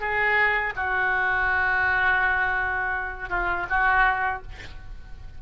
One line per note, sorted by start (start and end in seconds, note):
0.00 0.73 G#4
0.76 3.29 F#4
3.29 3.66 F4
3.69 4.42 F#4